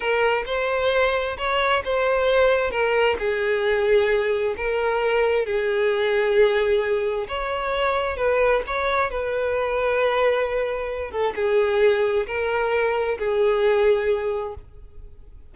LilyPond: \new Staff \with { instrumentName = "violin" } { \time 4/4 \tempo 4 = 132 ais'4 c''2 cis''4 | c''2 ais'4 gis'4~ | gis'2 ais'2 | gis'1 |
cis''2 b'4 cis''4 | b'1~ | b'8 a'8 gis'2 ais'4~ | ais'4 gis'2. | }